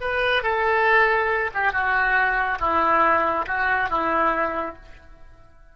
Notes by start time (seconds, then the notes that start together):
0.00 B4
0.43 A4
1.54 G4
1.72 F#4
2.59 E4
3.46 F#4
3.89 E4